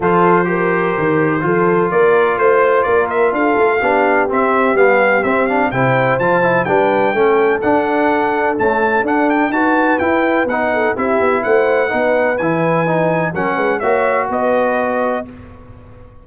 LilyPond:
<<
  \new Staff \with { instrumentName = "trumpet" } { \time 4/4 \tempo 4 = 126 c''1 | d''4 c''4 d''8 e''8 f''4~ | f''4 e''4 f''4 e''8 f''8 | g''4 a''4 g''2 |
fis''2 a''4 fis''8 g''8 | a''4 g''4 fis''4 e''4 | fis''2 gis''2 | fis''4 e''4 dis''2 | }
  \new Staff \with { instrumentName = "horn" } { \time 4/4 a'4 ais'2 a'4 | ais'4 c''4 ais'4 a'4 | g'1 | c''2 b'4 a'4~ |
a'1 | b'2~ b'8 a'8 g'4 | c''4 b'2. | ais'8 b'8 cis''4 b'2 | }
  \new Staff \with { instrumentName = "trombone" } { \time 4/4 f'4 g'2 f'4~ | f'1 | d'4 c'4 b4 c'8 d'8 | e'4 f'8 e'8 d'4 cis'4 |
d'2 a4 d'4 | fis'4 e'4 dis'4 e'4~ | e'4 dis'4 e'4 dis'4 | cis'4 fis'2. | }
  \new Staff \with { instrumentName = "tuba" } { \time 4/4 f2 dis4 f4 | ais4 a4 ais4 d'8 a8 | b4 c'4 g4 c'4 | c4 f4 g4 a4 |
d'2 cis'4 d'4 | dis'4 e'4 b4 c'8 b8 | a4 b4 e2 | fis8 gis8 ais4 b2 | }
>>